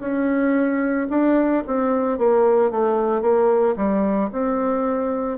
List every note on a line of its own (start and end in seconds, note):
0.00 1.07 C#4
1.10 1.63 D4
1.67 2.18 C4
2.18 2.71 A#3
2.71 3.21 A3
3.21 3.75 A#3
3.76 4.30 G3
4.32 5.38 C4